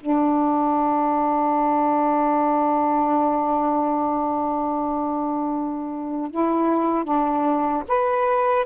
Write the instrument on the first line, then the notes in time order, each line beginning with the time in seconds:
saxophone
0.00 D4
6.31 E4
7.04 D4
7.88 B4